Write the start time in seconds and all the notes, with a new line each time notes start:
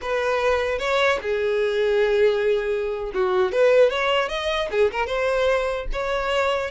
0.01 B4
0.78 C#5
1.21 G#4
3.14 F#4
3.52 B4
3.90 C#5
4.29 D#5
4.71 G#4
4.91 A#4
5.06 C5
5.92 C#5